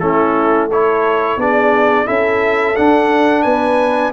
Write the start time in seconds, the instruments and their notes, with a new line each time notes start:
0.00 tuba A3, trombone C#4, horn E4, trumpet A4
0.69 trombone E4, horn A4, trumpet C#5
1.37 tuba B3, trombone D4, horn G#4, trumpet D5
2.06 tuba C#4, trombone E4, horn A4, trumpet E5
2.76 trombone D4, tuba D4, trumpet F#5
3.43 tuba B3, horn B4, trumpet G#5